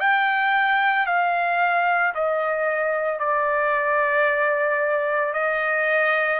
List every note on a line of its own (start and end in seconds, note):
0.00 1.06 G5
1.06 2.13 F5
2.15 3.20 D#5
3.20 5.33 D5
5.33 6.40 D#5